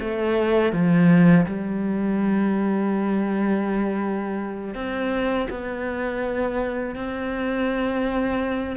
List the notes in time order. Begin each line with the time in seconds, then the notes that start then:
0.00 A3
0.73 F3
1.46 G3
4.75 C4
5.50 B3
6.96 C4